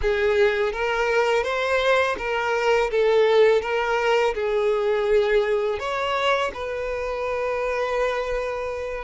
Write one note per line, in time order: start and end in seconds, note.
0.01 0.72 G#4
0.72 1.43 A#4
1.43 2.16 C5
2.18 2.90 A#4
2.90 3.61 A4
3.61 4.34 A#4
4.34 5.79 G#4
5.79 6.51 C#5
6.54 9.04 B4